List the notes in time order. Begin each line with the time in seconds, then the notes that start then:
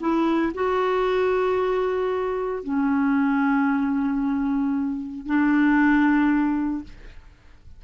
0.00 E4
0.54 F#4
2.63 C#4
5.26 D4